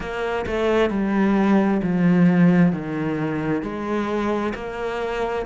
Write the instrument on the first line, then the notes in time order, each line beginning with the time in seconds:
cello
0.00 A#3
0.46 A3
0.90 G3
1.82 F3
2.72 D#3
3.62 G#3
4.54 A#3